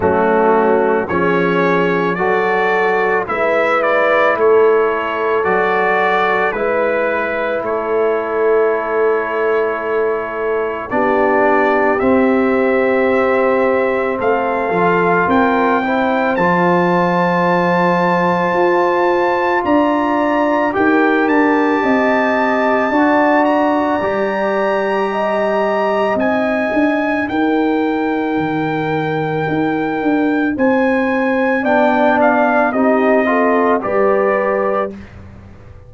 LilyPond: <<
  \new Staff \with { instrumentName = "trumpet" } { \time 4/4 \tempo 4 = 55 fis'4 cis''4 d''4 e''8 d''8 | cis''4 d''4 b'4 cis''4~ | cis''2 d''4 e''4~ | e''4 f''4 g''4 a''4~ |
a''2 ais''4 g''8 a''8~ | a''4. ais''2~ ais''8 | gis''4 g''2. | gis''4 g''8 f''8 dis''4 d''4 | }
  \new Staff \with { instrumentName = "horn" } { \time 4/4 cis'4 gis'4 a'4 b'4 | a'2 b'4 a'4~ | a'2 g'2~ | g'4 a'4 ais'8 c''4.~ |
c''2 d''4 ais'4 | dis''4 d''2 dis''4~ | dis''4 ais'2. | c''4 d''4 g'8 a'8 b'4 | }
  \new Staff \with { instrumentName = "trombone" } { \time 4/4 a4 cis'4 fis'4 e'4~ | e'4 fis'4 e'2~ | e'2 d'4 c'4~ | c'4. f'4 e'8 f'4~ |
f'2. g'4~ | g'4 fis'4 g'2 | dis'1~ | dis'4 d'4 dis'8 f'8 g'4 | }
  \new Staff \with { instrumentName = "tuba" } { \time 4/4 fis4 f4 fis4 gis4 | a4 fis4 gis4 a4~ | a2 b4 c'4~ | c'4 a8 f8 c'4 f4~ |
f4 f'4 d'4 dis'8 d'8 | c'4 d'4 g2 | c'8 d'8 dis'4 dis4 dis'8 d'8 | c'4 b4 c'4 g4 | }
>>